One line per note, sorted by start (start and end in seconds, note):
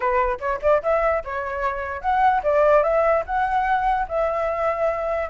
0.00 0.38 B4
0.39 0.60 C#5
0.62 0.82 D5
0.82 1.23 E5
1.24 2.01 C#5
2.01 2.41 F#5
2.43 2.83 D5
2.83 3.23 E5
3.25 4.07 F#5
4.08 5.29 E5